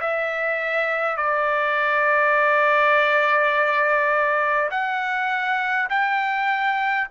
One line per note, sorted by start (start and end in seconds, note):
0.00 1.16 E5
1.16 4.69 D5
4.70 5.88 F#5
5.89 7.07 G5